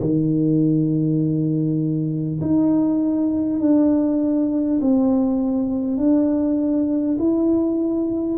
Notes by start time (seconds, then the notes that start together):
0.00 D#3
2.41 D#4
3.60 D4
4.81 C4
5.97 D4
7.19 E4